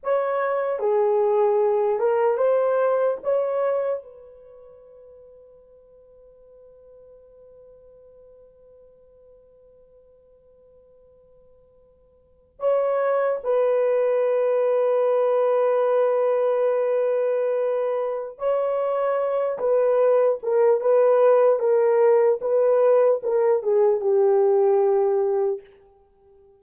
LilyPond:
\new Staff \with { instrumentName = "horn" } { \time 4/4 \tempo 4 = 75 cis''4 gis'4. ais'8 c''4 | cis''4 b'2.~ | b'1~ | b'2.~ b'8. cis''16~ |
cis''8. b'2.~ b'16~ | b'2. cis''4~ | cis''8 b'4 ais'8 b'4 ais'4 | b'4 ais'8 gis'8 g'2 | }